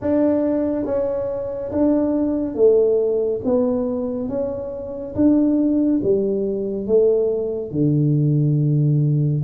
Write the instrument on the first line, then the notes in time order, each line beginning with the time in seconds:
tuba
0.01 D4
0.85 C#4
1.71 D4
2.54 A3
3.44 B3
4.29 C#4
5.15 D4
6.03 G3
6.86 A3
7.71 D3